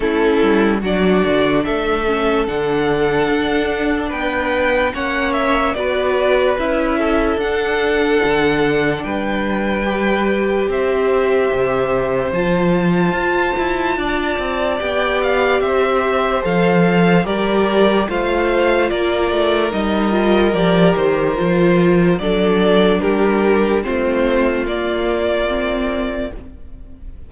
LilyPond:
<<
  \new Staff \with { instrumentName = "violin" } { \time 4/4 \tempo 4 = 73 a'4 d''4 e''4 fis''4~ | fis''4 g''4 fis''8 e''8 d''4 | e''4 fis''2 g''4~ | g''4 e''2 a''4~ |
a''2 g''8 f''8 e''4 | f''4 d''4 f''4 d''4 | dis''4 d''8 c''4. d''4 | ais'4 c''4 d''2 | }
  \new Staff \with { instrumentName = "violin" } { \time 4/4 e'4 fis'4 a'2~ | a'4 b'4 cis''4 b'4~ | b'8 a'2~ a'8 b'4~ | b'4 c''2.~ |
c''4 d''2 c''4~ | c''4 ais'4 c''4 ais'4~ | ais'2. a'4 | g'4 f'2. | }
  \new Staff \with { instrumentName = "viola" } { \time 4/4 cis'4 d'4. cis'8 d'4~ | d'2 cis'4 fis'4 | e'4 d'2. | g'2. f'4~ |
f'2 g'2 | a'4 g'4 f'2 | dis'8 f'8 g'4 f'4 d'4~ | d'4 c'4 ais4 c'4 | }
  \new Staff \with { instrumentName = "cello" } { \time 4/4 a8 g8 fis8 d8 a4 d4 | d'4 b4 ais4 b4 | cis'4 d'4 d4 g4~ | g4 c'4 c4 f4 |
f'8 e'8 d'8 c'8 b4 c'4 | f4 g4 a4 ais8 a8 | g4 f8 dis8 f4 fis4 | g4 a4 ais2 | }
>>